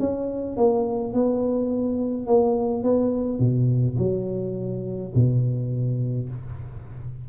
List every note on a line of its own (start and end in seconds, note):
0.00 0.57 C#4
0.57 1.13 A#3
1.13 2.27 B3
2.27 2.83 A#3
2.83 3.40 B3
3.40 3.97 B2
3.98 5.12 F#3
5.15 6.29 B2